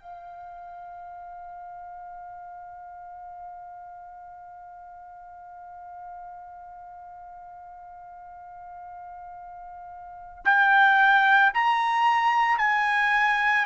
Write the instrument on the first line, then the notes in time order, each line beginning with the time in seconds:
trumpet
0.00 F5
10.45 G5
11.54 A#5
12.58 G#5